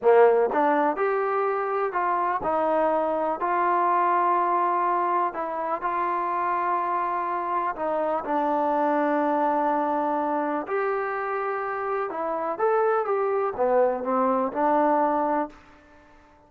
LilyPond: \new Staff \with { instrumentName = "trombone" } { \time 4/4 \tempo 4 = 124 ais4 d'4 g'2 | f'4 dis'2 f'4~ | f'2. e'4 | f'1 |
dis'4 d'2.~ | d'2 g'2~ | g'4 e'4 a'4 g'4 | b4 c'4 d'2 | }